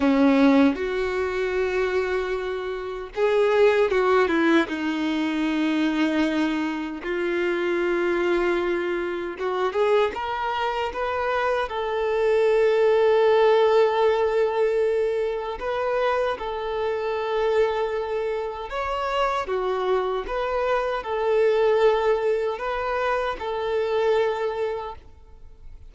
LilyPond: \new Staff \with { instrumentName = "violin" } { \time 4/4 \tempo 4 = 77 cis'4 fis'2. | gis'4 fis'8 e'8 dis'2~ | dis'4 f'2. | fis'8 gis'8 ais'4 b'4 a'4~ |
a'1 | b'4 a'2. | cis''4 fis'4 b'4 a'4~ | a'4 b'4 a'2 | }